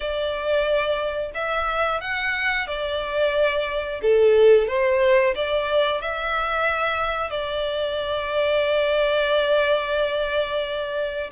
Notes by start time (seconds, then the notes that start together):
0.00 D5
1.34 E5
2.00 F#5
2.67 D5
4.02 A4
4.67 C5
5.35 D5
6.01 E5
7.30 D5